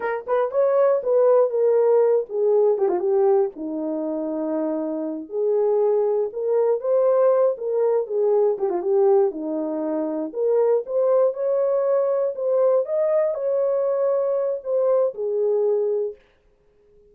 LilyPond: \new Staff \with { instrumentName = "horn" } { \time 4/4 \tempo 4 = 119 ais'8 b'8 cis''4 b'4 ais'4~ | ais'8 gis'4 g'16 f'16 g'4 dis'4~ | dis'2~ dis'8 gis'4.~ | gis'8 ais'4 c''4. ais'4 |
gis'4 g'16 f'16 g'4 dis'4.~ | dis'8 ais'4 c''4 cis''4.~ | cis''8 c''4 dis''4 cis''4.~ | cis''4 c''4 gis'2 | }